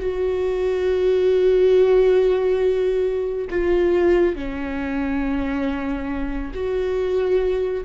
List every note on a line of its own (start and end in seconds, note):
0.00 3.48 F#4
3.50 4.35 F4
4.35 6.53 C#4
6.54 7.84 F#4